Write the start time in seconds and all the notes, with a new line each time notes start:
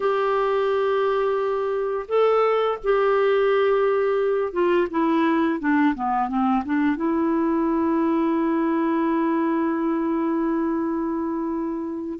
0.00 G4
2.08 A4
2.83 G4
4.53 F4
4.90 E4
5.59 D4
5.94 B3
6.28 C4
6.65 D4
6.95 E4